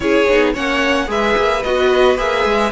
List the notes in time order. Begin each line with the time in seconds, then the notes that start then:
0.00 C#4 E4 G#4 C#5
0.28 B3 D#4
0.53 A#3 C#4 C#5 F#5
1.07 G#3 G#4 B4 E5
1.36 A#3
1.62 B3 F#4 D#5
2.17 A#3 G#4 E5
2.44 G#3